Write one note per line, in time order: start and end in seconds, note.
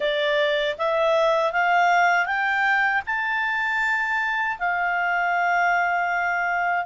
0.00 0.76 D5
0.78 1.52 E5
1.52 2.25 F5
2.25 3.01 G5
3.06 4.57 A5
4.58 6.85 F5